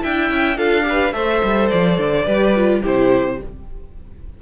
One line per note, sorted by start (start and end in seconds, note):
0.00 0.30 D4
0.00 0.56 E4
0.00 0.57 E5
0.00 0.58 G5
0.30 0.58 C#4
0.57 1.13 D4
0.57 0.82 F4
0.57 0.86 A4
0.57 1.13 F5
0.82 1.11 G4
0.89 1.15 B4
1.13 1.41 A3
1.13 2.26 A4
1.13 2.25 C5
1.13 1.69 E5
1.43 1.71 G3
1.70 1.98 F3
1.70 2.82 D5
1.98 2.26 D3
2.25 2.83 G3
2.25 2.54 G4
2.25 2.81 B4
2.56 2.84 F4
2.82 3.41 C3
2.82 3.40 E4
2.82 3.38 G4
2.82 3.42 C5